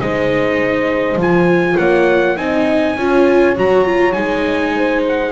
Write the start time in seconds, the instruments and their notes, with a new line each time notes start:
0.00 double bass G#3, viola D#4, horn C5, trumpet D#5
1.16 double bass F3, viola F4, trumpet G#5
1.77 double bass A#3, horn C#5, trumpet F#5
2.37 double bass C4, viola D#4, horn D#5, trumpet G#5
2.97 double bass C#4, viola F4, horn C#5
3.56 double bass F#3, viola F#4, trumpet A#5
3.85 viola F4
4.12 double bass G#3, viola D#4, trumpet G#5
4.76 horn C5
5.08 trumpet F#5